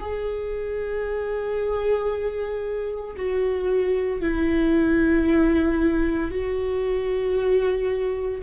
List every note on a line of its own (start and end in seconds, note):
0.00 3.16 G#4
3.16 4.21 F#4
4.21 6.31 E4
6.31 8.42 F#4